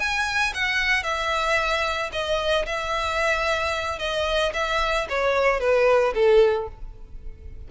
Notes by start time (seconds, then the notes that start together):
0.00 G#5
0.54 F#5
1.04 E5
2.12 D#5
2.66 E5
3.99 D#5
4.54 E5
5.09 C#5
5.60 B4
6.15 A4